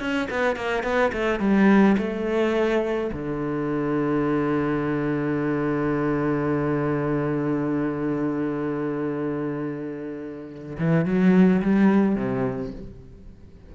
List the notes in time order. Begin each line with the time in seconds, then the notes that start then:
0.00 C#4
0.30 B3
0.56 A#3
0.84 B3
1.13 A3
1.40 G3
1.98 A3
3.13 D3
10.79 E3
11.05 F#3
11.62 G3
12.15 C3